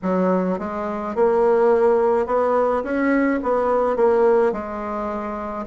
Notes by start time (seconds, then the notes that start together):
0.02 F#3
0.59 G#3
1.15 A#3
2.26 B3
2.83 C#4
3.42 B3
3.96 A#3
4.52 G#3